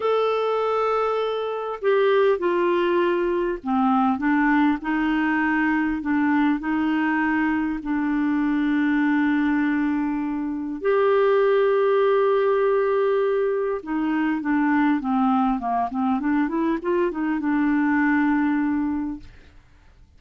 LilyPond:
\new Staff \with { instrumentName = "clarinet" } { \time 4/4 \tempo 4 = 100 a'2. g'4 | f'2 c'4 d'4 | dis'2 d'4 dis'4~ | dis'4 d'2.~ |
d'2 g'2~ | g'2. dis'4 | d'4 c'4 ais8 c'8 d'8 e'8 | f'8 dis'8 d'2. | }